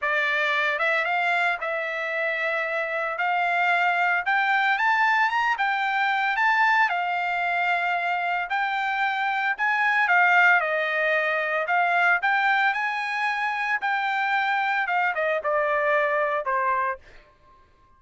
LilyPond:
\new Staff \with { instrumentName = "trumpet" } { \time 4/4 \tempo 4 = 113 d''4. e''8 f''4 e''4~ | e''2 f''2 | g''4 a''4 ais''8 g''4. | a''4 f''2. |
g''2 gis''4 f''4 | dis''2 f''4 g''4 | gis''2 g''2 | f''8 dis''8 d''2 c''4 | }